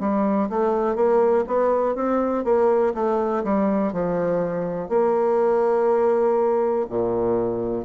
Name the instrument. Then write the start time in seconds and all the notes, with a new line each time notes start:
bassoon
0.00 G3
0.49 A3
0.95 A#3
1.47 B3
1.95 C4
2.44 A#3
2.94 A3
3.44 G3
3.93 F3
4.89 A#3
6.89 A#2